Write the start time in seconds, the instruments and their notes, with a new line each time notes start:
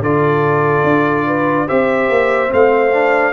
0.00 tuba D3, trombone F4, horn A4, trumpet D5
0.83 tuba D4
1.27 horn B4
1.66 tuba C4, trombone G4, horn C5, trumpet E5
2.09 tuba A#3
2.48 tuba A3, trombone C4, trumpet F5
2.93 trombone D4